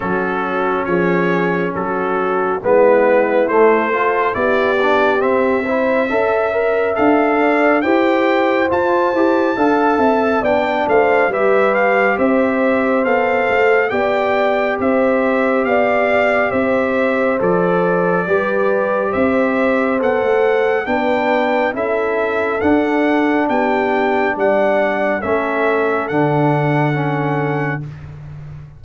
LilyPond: <<
  \new Staff \with { instrumentName = "trumpet" } { \time 4/4 \tempo 4 = 69 a'4 cis''4 a'4 b'4 | c''4 d''4 e''2 | f''4 g''4 a''2 | g''8 f''8 e''8 f''8 e''4 f''4 |
g''4 e''4 f''4 e''4 | d''2 e''4 fis''4 | g''4 e''4 fis''4 g''4 | fis''4 e''4 fis''2 | }
  \new Staff \with { instrumentName = "horn" } { \time 4/4 fis'4 gis'4 fis'4 e'4~ | e'8 a'8 g'4. c''8 e''4~ | e''8 d''8 c''2 f''8 e''8 | d''8 c''8 b'4 c''2 |
d''4 c''4 d''4 c''4~ | c''4 b'4 c''2 | b'4 a'2 g'4 | d''4 a'2. | }
  \new Staff \with { instrumentName = "trombone" } { \time 4/4 cis'2. b4 | a8 f'8 e'8 d'8 c'8 e'8 a'8 ais'8 | a'4 g'4 f'8 g'8 a'4 | d'4 g'2 a'4 |
g'1 | a'4 g'2 a'4 | d'4 e'4 d'2~ | d'4 cis'4 d'4 cis'4 | }
  \new Staff \with { instrumentName = "tuba" } { \time 4/4 fis4 f4 fis4 gis4 | a4 b4 c'4 cis'4 | d'4 e'4 f'8 e'8 d'8 c'8 | b8 a8 g4 c'4 b8 a8 |
b4 c'4 b4 c'4 | f4 g4 c'4 b16 a8. | b4 cis'4 d'4 b4 | g4 a4 d2 | }
>>